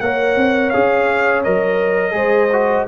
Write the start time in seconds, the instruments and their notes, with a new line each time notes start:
0.00 tuba A#3, trombone A#4, horn C#5, trumpet F#5
0.36 tuba C4
0.70 tuba C#4, trombone G#4, trumpet F5
1.44 tuba F#3, trombone A#4, trumpet D#5
2.11 tuba G#3, trombone G#4, horn C5
2.52 trombone F#4